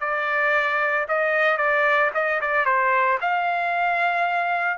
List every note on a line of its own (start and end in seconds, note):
0.00 1.06 D5
1.08 1.57 D#5
1.57 2.10 D5
2.14 2.40 D#5
2.41 2.65 D5
2.65 3.18 C5
3.21 4.77 F5